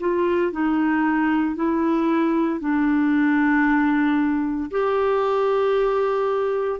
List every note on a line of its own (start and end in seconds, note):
0.00 0.52 F4
0.52 1.56 D#4
1.56 2.60 E4
2.60 4.71 D4
4.71 6.80 G4